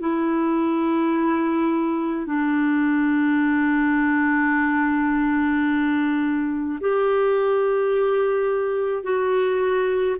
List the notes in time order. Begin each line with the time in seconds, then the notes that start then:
0.00 E4
2.26 D4
6.80 G4
9.03 F#4